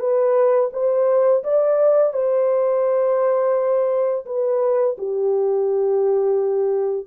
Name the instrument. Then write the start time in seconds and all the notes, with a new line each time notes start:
horn
0.00 B4
0.73 C5
1.44 D5
2.14 C5
4.26 B4
4.98 G4